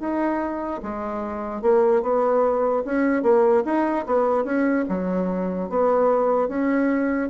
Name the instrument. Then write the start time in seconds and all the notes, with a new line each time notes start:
bassoon
0.00 D#4
0.83 G#3
1.62 A#3
2.03 B3
2.85 C#4
3.23 A#3
3.65 D#4
4.07 B3
4.44 C#4
4.89 F#3
5.70 B3
6.49 C#4